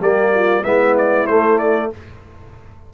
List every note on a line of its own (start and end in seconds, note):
0.00 0.64 G3
0.00 0.63 A#3
0.00 0.33 G4
0.00 0.64 D5
0.34 0.63 F4
0.63 1.27 G#3
0.63 1.28 B3
0.63 1.89 E4
0.63 0.95 E5
0.98 1.27 D5
1.27 1.91 A3
1.27 1.93 A3
1.27 1.58 C5
1.58 1.90 D5